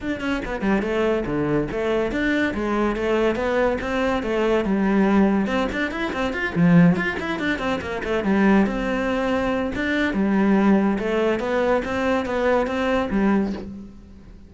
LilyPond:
\new Staff \with { instrumentName = "cello" } { \time 4/4 \tempo 4 = 142 d'8 cis'8 b8 g8 a4 d4 | a4 d'4 gis4 a4 | b4 c'4 a4 g4~ | g4 c'8 d'8 e'8 c'8 f'8 f8~ |
f8 f'8 e'8 d'8 c'8 ais8 a8 g8~ | g8 c'2~ c'8 d'4 | g2 a4 b4 | c'4 b4 c'4 g4 | }